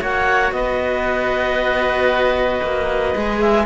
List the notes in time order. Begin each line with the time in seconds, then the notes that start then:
0.00 A#3 F#4 C#5 F#5
0.52 B3 B4 D#5
2.62 A#3
3.13 G#3 G#4
3.40 E5